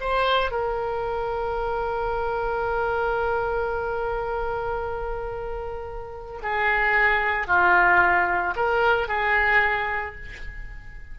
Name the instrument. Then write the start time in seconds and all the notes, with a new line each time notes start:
oboe
0.00 C5
0.51 A#4
6.42 G#4
7.47 F4
8.56 A#4
9.08 G#4